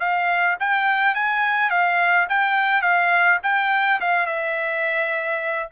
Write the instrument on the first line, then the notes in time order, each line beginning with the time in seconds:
trumpet
0.00 F5
0.60 G5
1.15 G#5
1.70 F5
2.29 G5
2.82 F5
3.43 G5
4.01 F5
4.26 E5